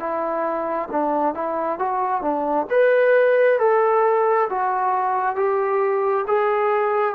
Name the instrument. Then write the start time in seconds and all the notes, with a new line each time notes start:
trombone
0.00 E4
0.92 D4
1.35 E4
1.80 F#4
2.22 D4
2.71 B4
3.59 A4
4.50 F#4
5.36 G4
6.28 G#4